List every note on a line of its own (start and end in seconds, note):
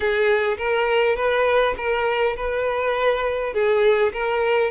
0.00 0.57 G#4
0.57 1.16 A#4
1.16 1.75 B4
1.77 2.36 A#4
2.36 3.53 B4
3.53 4.12 G#4
4.13 4.70 A#4